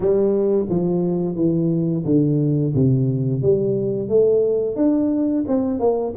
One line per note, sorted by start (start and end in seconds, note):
0.00 0.65 G3
0.69 1.35 F3
1.35 2.03 E3
2.05 2.73 D3
2.75 3.42 C3
3.42 4.08 G3
4.08 4.76 A3
4.76 5.44 D4
5.47 5.79 C4
5.79 6.13 A#3